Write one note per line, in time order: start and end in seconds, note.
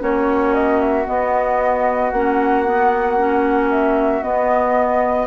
0.00 1.07 A#3
0.00 1.05 C#4
0.00 5.28 F#4
0.00 0.54 C#5
0.54 0.80 D#5
0.80 1.07 E5
1.06 2.11 B3
1.06 2.12 B3
1.06 2.11 D#5
2.11 4.23 A#3
2.11 2.66 C#4
2.11 3.69 F#5
2.66 3.18 B3
3.18 4.23 C#4
3.71 4.23 E5
4.23 5.28 B3
4.23 5.28 D#5